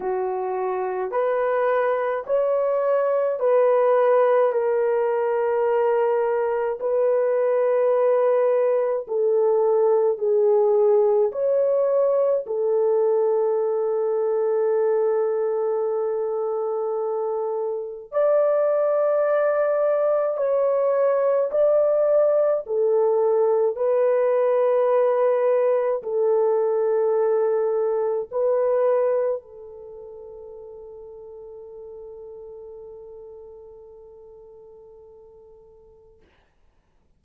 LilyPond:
\new Staff \with { instrumentName = "horn" } { \time 4/4 \tempo 4 = 53 fis'4 b'4 cis''4 b'4 | ais'2 b'2 | a'4 gis'4 cis''4 a'4~ | a'1 |
d''2 cis''4 d''4 | a'4 b'2 a'4~ | a'4 b'4 a'2~ | a'1 | }